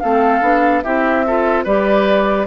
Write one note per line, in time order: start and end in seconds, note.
0.00 0.42 A3
0.00 0.42 C4
0.00 0.85 A4
0.00 0.82 F5
0.42 0.83 B3
0.42 0.83 D4
0.83 1.66 C4
0.83 1.26 E4
0.83 1.26 G4
0.83 1.65 E5
1.27 1.67 F4
1.27 1.64 A4
1.64 2.47 G3
1.64 2.47 G4
1.64 2.47 B4
1.64 2.47 D5